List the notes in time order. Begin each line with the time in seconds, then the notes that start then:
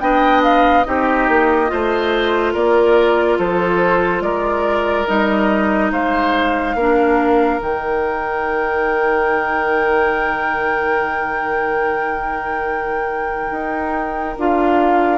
0.00 B3 D4 D#5 G5
0.43 F5
0.84 C4 D#4 G4 D#5
1.29 A#3
1.67 A3 F4 C5
2.53 A#3 A#4 D5
3.38 F3 A4 C5
4.21 G#3 A#4 D5
5.07 G3 D#4 D#5
5.92 G#3 C5 F5
6.75 A#3 D4 A#4
7.60 D#3 D#4 G5
13.51 D#4
14.38 D4 F4 F5